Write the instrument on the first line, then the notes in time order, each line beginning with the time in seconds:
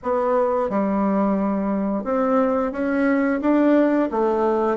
bassoon
0.02 B3
0.69 G3
2.04 C4
2.72 C#4
3.41 D4
4.11 A3